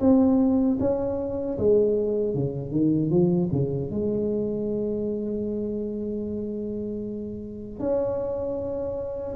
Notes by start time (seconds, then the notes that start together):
0.00 C4
0.80 C#4
1.58 G#3
2.34 C#3
2.71 D#3
3.10 F3
3.52 C#3
3.90 G#3
7.80 C#4